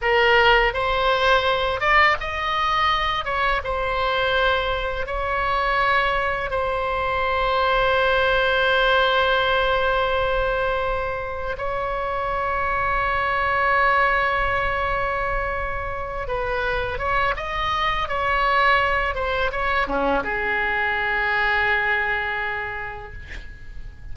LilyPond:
\new Staff \with { instrumentName = "oboe" } { \time 4/4 \tempo 4 = 83 ais'4 c''4. d''8 dis''4~ | dis''8 cis''8 c''2 cis''4~ | cis''4 c''2.~ | c''1 |
cis''1~ | cis''2~ cis''8 b'4 cis''8 | dis''4 cis''4. c''8 cis''8 cis'8 | gis'1 | }